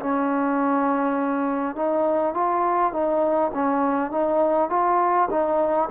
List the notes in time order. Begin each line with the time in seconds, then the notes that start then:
0.00 C#4
1.76 D#4
2.34 F4
2.93 D#4
3.54 C#4
4.12 D#4
4.70 F4
5.31 D#4